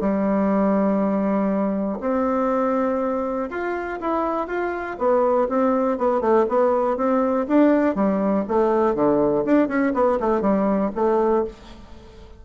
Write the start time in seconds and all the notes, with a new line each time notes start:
0.00 G3
2.00 C4
3.50 F4
4.00 E4
4.47 F4
4.98 B3
5.49 C4
5.98 B3
6.21 A3
6.49 B3
6.96 C4
7.48 D4
7.95 G3
8.48 A3
8.95 D3
9.45 D4
9.68 C#4
9.94 B3
10.20 A3
10.41 G3
10.95 A3